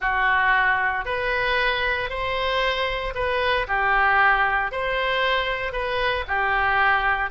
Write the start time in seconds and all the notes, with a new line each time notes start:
0.00 F#4
1.05 B4
2.09 C5
3.14 B4
3.67 G4
4.71 C5
5.72 B4
6.28 G4